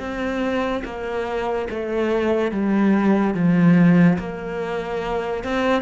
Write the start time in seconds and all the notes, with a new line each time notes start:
0.00 C4
0.85 A#3
1.70 A3
2.52 G3
3.34 F3
4.19 A#3
5.44 C4